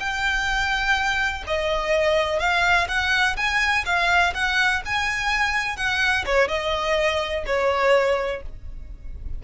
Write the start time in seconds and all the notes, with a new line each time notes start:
0.00 G5
1.47 D#5
2.40 F5
2.88 F#5
3.37 G#5
3.86 F5
4.34 F#5
4.86 G#5
5.77 F#5
6.26 C#5
6.49 D#5
7.47 C#5